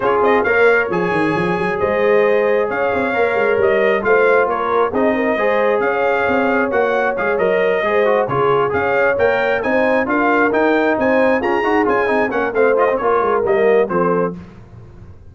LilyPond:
<<
  \new Staff \with { instrumentName = "trumpet" } { \time 4/4 \tempo 4 = 134 cis''8 dis''8 f''4 gis''2 | dis''2 f''2 | dis''4 f''4 cis''4 dis''4~ | dis''4 f''2 fis''4 |
f''8 dis''2 cis''4 f''8~ | f''8 g''4 gis''4 f''4 g''8~ | g''8 gis''4 ais''4 gis''4 fis''8 | f''8 dis''8 cis''4 dis''4 c''4 | }
  \new Staff \with { instrumentName = "horn" } { \time 4/4 gis'4 cis''2. | c''2 cis''2~ | cis''4 c''4 ais'4 gis'8 ais'8 | c''4 cis''2.~ |
cis''4. c''4 gis'4 cis''8~ | cis''4. c''4 ais'4.~ | ais'8 c''4 gis'2 ais'8 | c''4 ais'2 a'4 | }
  \new Staff \with { instrumentName = "trombone" } { \time 4/4 f'4 ais'4 gis'2~ | gis'2. ais'4~ | ais'4 f'2 dis'4 | gis'2. fis'4 |
gis'8 ais'4 gis'8 fis'8 f'4 gis'8~ | gis'8 ais'4 dis'4 f'4 dis'8~ | dis'4. cis'8 fis'8 f'8 dis'8 cis'8 | c'8 f'16 c'16 f'4 ais4 c'4 | }
  \new Staff \with { instrumentName = "tuba" } { \time 4/4 cis'8 c'8 ais4 f8 dis8 f8 fis8 | gis2 cis'8 c'8 ais8 gis8 | g4 a4 ais4 c'4 | gis4 cis'4 c'4 ais4 |
gis8 fis4 gis4 cis4 cis'8~ | cis'8 ais4 c'4 d'4 dis'8~ | dis'8 c'4 f'8 dis'8 cis'8 c'8 ais8 | a4 ais8 gis8 g4 f4 | }
>>